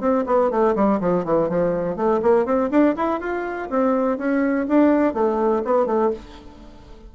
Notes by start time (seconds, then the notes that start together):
0.00 C4
0.26 B3
0.50 A3
0.75 G3
1.00 F3
1.24 E3
1.49 F3
1.96 A3
2.22 A#3
2.45 C4
2.71 D4
2.96 E4
3.20 F4
3.70 C4
4.18 C#4
4.68 D4
5.14 A3
5.65 B3
5.86 A3